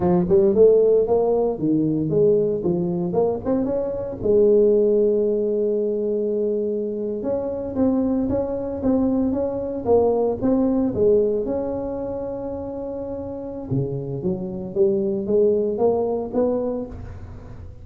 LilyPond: \new Staff \with { instrumentName = "tuba" } { \time 4/4 \tempo 4 = 114 f8 g8 a4 ais4 dis4 | gis4 f4 ais8 c'8 cis'4 | gis1~ | gis4.~ gis16 cis'4 c'4 cis'16~ |
cis'8. c'4 cis'4 ais4 c'16~ | c'8. gis4 cis'2~ cis'16~ | cis'2 cis4 fis4 | g4 gis4 ais4 b4 | }